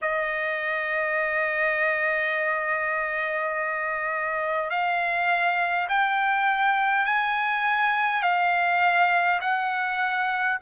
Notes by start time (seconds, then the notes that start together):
0.01 D#5
4.70 F5
5.88 G5
7.05 G#5
8.22 F5
9.41 F#5